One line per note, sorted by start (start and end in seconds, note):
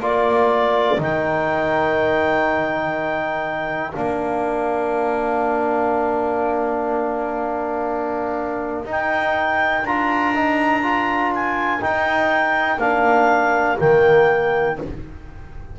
0.00 0.98 A#3
0.00 0.98 F4
0.00 14.77 A#4
0.00 1.01 D5
0.98 3.94 D#3
0.98 3.93 D#4
0.98 3.91 G5
3.91 8.85 A#3
3.91 8.85 D4
3.91 8.83 F5
8.85 9.83 D#4
8.85 9.86 G5
9.83 11.80 D4
9.83 10.34 F4
9.83 11.33 A#5
10.34 10.83 D#4
10.83 11.81 F4
11.35 11.82 G#5
11.81 12.79 D#4
11.81 12.77 D#4
11.81 12.79 G5
12.77 13.76 A#3
12.77 13.78 D4
12.77 13.78 F5
13.78 14.79 D#3
13.78 14.76 A#3
13.78 14.78 G5